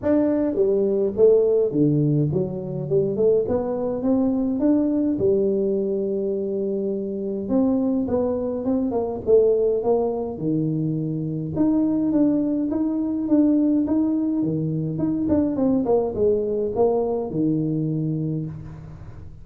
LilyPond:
\new Staff \with { instrumentName = "tuba" } { \time 4/4 \tempo 4 = 104 d'4 g4 a4 d4 | fis4 g8 a8 b4 c'4 | d'4 g2.~ | g4 c'4 b4 c'8 ais8 |
a4 ais4 dis2 | dis'4 d'4 dis'4 d'4 | dis'4 dis4 dis'8 d'8 c'8 ais8 | gis4 ais4 dis2 | }